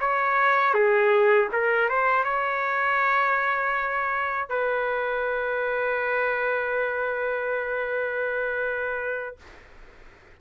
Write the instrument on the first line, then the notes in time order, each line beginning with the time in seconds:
trumpet
0.00 C#5
0.74 G#4
1.52 A#4
1.89 C5
2.24 C#5
4.49 B4